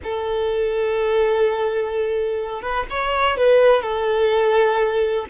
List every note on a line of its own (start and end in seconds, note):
0.03 2.61 A4
2.61 2.85 B4
2.90 3.37 C#5
3.37 3.82 B4
3.82 5.26 A4